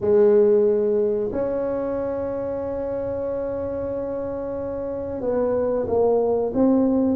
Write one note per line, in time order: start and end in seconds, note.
0.01 1.31 G#3
1.32 5.20 C#4
5.20 5.85 B3
5.87 6.52 A#3
6.54 7.16 C4